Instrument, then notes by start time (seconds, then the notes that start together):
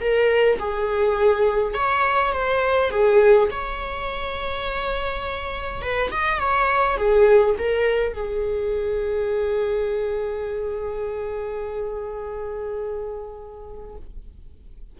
viola
0.00 A#4
0.59 G#4
1.73 C#5
2.32 C5
2.90 G#4
3.50 C#5
5.81 B4
6.11 D#5
6.39 C#5
6.97 G#4
7.58 A#4
8.13 G#4